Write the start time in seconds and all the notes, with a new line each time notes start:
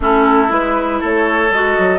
0.00 A3 C#4 E4 A4
0.48 G#3 E4 B4
1.00 A3 A4 C#5
1.50 G#3 F#4 D#5
1.78 F#3